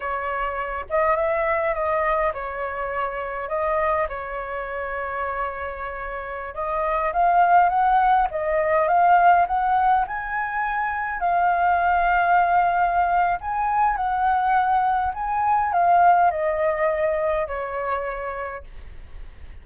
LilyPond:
\new Staff \with { instrumentName = "flute" } { \time 4/4 \tempo 4 = 103 cis''4. dis''8 e''4 dis''4 | cis''2 dis''4 cis''4~ | cis''2.~ cis''16 dis''8.~ | dis''16 f''4 fis''4 dis''4 f''8.~ |
f''16 fis''4 gis''2 f''8.~ | f''2. gis''4 | fis''2 gis''4 f''4 | dis''2 cis''2 | }